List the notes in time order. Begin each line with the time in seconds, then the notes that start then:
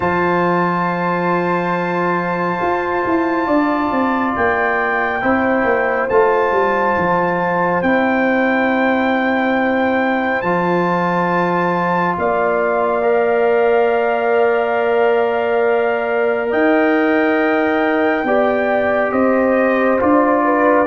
0.00 F3 F4 C5 A5
2.61 F4
3.05 E4
3.46 D4 D5
3.91 C4
4.35 A#3 G5
5.21 C4 E4 C5
5.63 A#3
6.09 A3 F4 A5
6.51 G3
6.97 F3
7.82 C4 E4 G5
10.41 F3 F4 A5
12.18 A#3 D5 F5
13.01 A#4
16.50 D#4 D#5 G5
18.23 B3 G4 D5
19.12 C4 C5 D#5
19.99 D4 F4 D5
20.44 B4